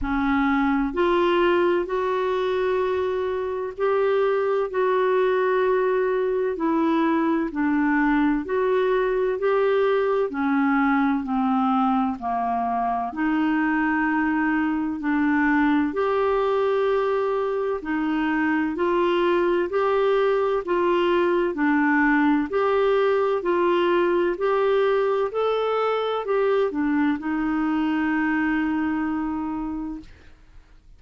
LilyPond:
\new Staff \with { instrumentName = "clarinet" } { \time 4/4 \tempo 4 = 64 cis'4 f'4 fis'2 | g'4 fis'2 e'4 | d'4 fis'4 g'4 cis'4 | c'4 ais4 dis'2 |
d'4 g'2 dis'4 | f'4 g'4 f'4 d'4 | g'4 f'4 g'4 a'4 | g'8 d'8 dis'2. | }